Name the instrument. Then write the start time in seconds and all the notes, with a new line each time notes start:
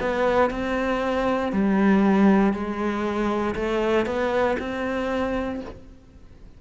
cello
0.00 B3
0.50 C4
1.52 G3
2.53 G#3
3.55 A3
4.06 B3
4.59 C4